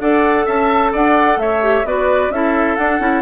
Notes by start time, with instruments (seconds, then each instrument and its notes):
0.00 bassoon D4, clarinet A4, oboe D5, flute F#5
0.46 bassoon C#4, oboe E5, flute A5
0.92 bassoon D4, oboe D5, flute F#5
1.37 bassoon A3, oboe C#5, flute E5
1.62 clarinet G4
1.85 bassoon B3, clarinet F#4, oboe B4, flute D5
2.30 bassoon C#4, clarinet E4, oboe A4, flute E5
2.76 clarinet D4, bassoon D4, flute F#5
3.00 bassoon C#4, clarinet E4